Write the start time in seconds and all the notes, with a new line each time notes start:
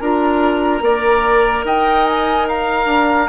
0.00 D4 F4 A#4 A#5
0.81 A#3 A#4 D5
1.64 D#4 D#5 G5
2.06 G#5
2.48 F5 A#5
2.86 D4